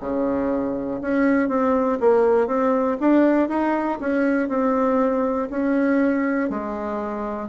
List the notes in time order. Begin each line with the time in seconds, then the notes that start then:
0.00 C#3
1.01 C#4
1.49 C4
2.00 A#3
2.47 C4
3.00 D4
3.49 D#4
4.00 C#4
4.49 C4
5.50 C#4
6.50 G#3